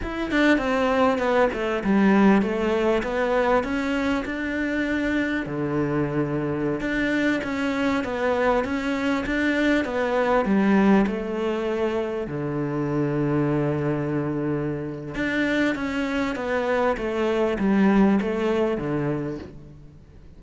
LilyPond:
\new Staff \with { instrumentName = "cello" } { \time 4/4 \tempo 4 = 99 e'8 d'8 c'4 b8 a8 g4 | a4 b4 cis'4 d'4~ | d'4 d2~ d16 d'8.~ | d'16 cis'4 b4 cis'4 d'8.~ |
d'16 b4 g4 a4.~ a16~ | a16 d2.~ d8.~ | d4 d'4 cis'4 b4 | a4 g4 a4 d4 | }